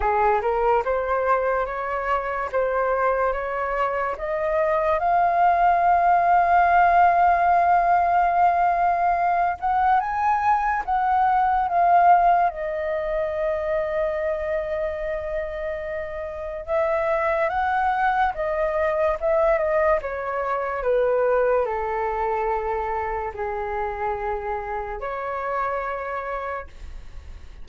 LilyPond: \new Staff \with { instrumentName = "flute" } { \time 4/4 \tempo 4 = 72 gis'8 ais'8 c''4 cis''4 c''4 | cis''4 dis''4 f''2~ | f''2.~ f''8 fis''8 | gis''4 fis''4 f''4 dis''4~ |
dis''1 | e''4 fis''4 dis''4 e''8 dis''8 | cis''4 b'4 a'2 | gis'2 cis''2 | }